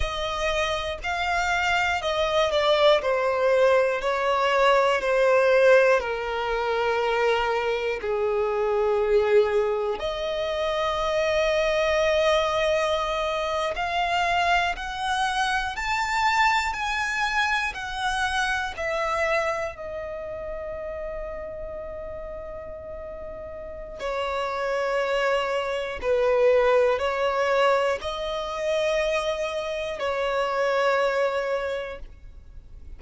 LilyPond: \new Staff \with { instrumentName = "violin" } { \time 4/4 \tempo 4 = 60 dis''4 f''4 dis''8 d''8 c''4 | cis''4 c''4 ais'2 | gis'2 dis''2~ | dis''4.~ dis''16 f''4 fis''4 a''16~ |
a''8. gis''4 fis''4 e''4 dis''16~ | dis''1 | cis''2 b'4 cis''4 | dis''2 cis''2 | }